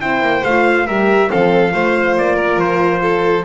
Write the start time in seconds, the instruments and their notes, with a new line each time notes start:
0.00 double bass C4, horn E4, violin C5, trumpet G5
0.21 double bass A#3
0.44 double bass A3, horn F4, trumpet F5
0.86 double bass G3, horn G4, violin A#4, trumpet E5
1.28 double bass F3, horn C4, violin A4, trumpet F5
1.72 double bass A3, horn F4, violin C5
2.17 double bass A#3, trumpet D5
2.35 violin A#4
2.57 double bass F3, trumpet C5
3.02 violin A4